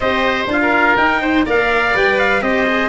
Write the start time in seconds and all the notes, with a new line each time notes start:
0.00 C4 G4 C5 D#5
0.46 D4 F4 F5
0.62 A#4
0.97 D#4 G5
1.21 C5
1.45 A#3 A#4 D5 F5
1.94 G3 B4 G5
2.19 F5
2.41 C4 G4 C5 D#5
2.66 G#4